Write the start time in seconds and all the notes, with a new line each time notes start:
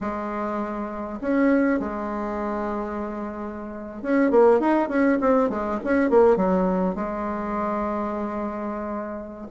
0.01 G#3
1.21 C#4
1.79 G#3
4.02 C#4
4.30 A#3
4.60 D#4
4.88 C#4
5.21 C4
5.49 G#3
5.84 C#4
6.09 A#3
6.36 F#3
6.95 G#3